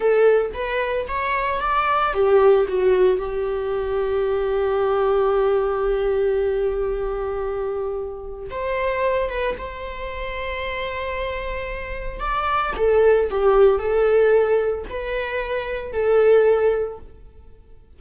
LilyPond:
\new Staff \with { instrumentName = "viola" } { \time 4/4 \tempo 4 = 113 a'4 b'4 cis''4 d''4 | g'4 fis'4 g'2~ | g'1~ | g'1 |
c''4. b'8 c''2~ | c''2. d''4 | a'4 g'4 a'2 | b'2 a'2 | }